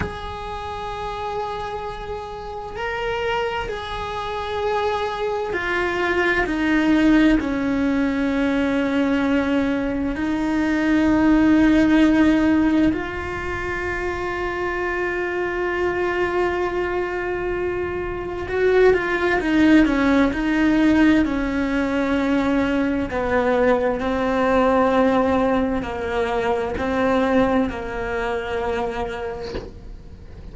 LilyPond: \new Staff \with { instrumentName = "cello" } { \time 4/4 \tempo 4 = 65 gis'2. ais'4 | gis'2 f'4 dis'4 | cis'2. dis'4~ | dis'2 f'2~ |
f'1 | fis'8 f'8 dis'8 cis'8 dis'4 cis'4~ | cis'4 b4 c'2 | ais4 c'4 ais2 | }